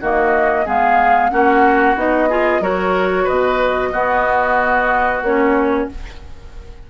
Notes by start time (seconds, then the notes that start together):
0.00 D#3 A#3 F#4 D#5
0.65 G#3 B3 G#4 F5
1.30 A#3 C#4 F#4 F#5
1.95 B3 D#4 D#5
2.29 F4 G#4
2.60 F#3 F#4 A#4 C#5
3.24 B2 B4 D#5
3.92 B3 F#4
5.22 A#3 C#4 C#5